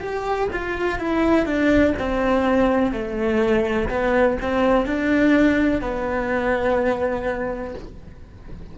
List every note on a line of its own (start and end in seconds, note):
0.00 0.48 G4
0.52 0.99 F4
0.99 1.45 E4
1.45 1.94 D4
1.98 2.92 C4
2.92 3.88 A3
3.89 4.37 B3
4.41 4.86 C4
4.86 5.81 D4
5.81 7.74 B3